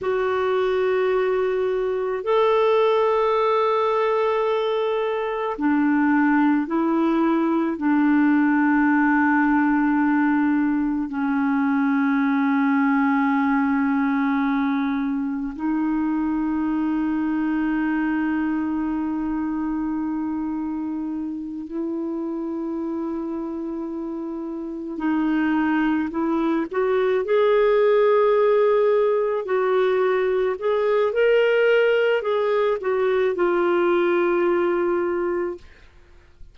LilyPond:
\new Staff \with { instrumentName = "clarinet" } { \time 4/4 \tempo 4 = 54 fis'2 a'2~ | a'4 d'4 e'4 d'4~ | d'2 cis'2~ | cis'2 dis'2~ |
dis'2.~ dis'8 e'8~ | e'2~ e'8 dis'4 e'8 | fis'8 gis'2 fis'4 gis'8 | ais'4 gis'8 fis'8 f'2 | }